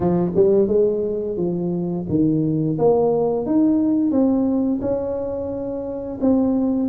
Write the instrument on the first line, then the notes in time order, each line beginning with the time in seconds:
tuba
0.00 F3
0.35 G3
0.67 G#3
1.36 F3
2.09 D#3
2.78 A#3
3.45 D#4
4.11 C4
4.81 C#4
6.20 C4